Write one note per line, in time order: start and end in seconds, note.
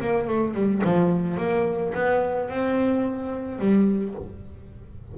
0.00 0.27 A#3
0.27 0.54 A3
0.54 0.82 G3
0.84 1.37 F3
1.37 1.93 A#3
1.93 2.49 B3
2.49 3.59 C4
3.59 4.14 G3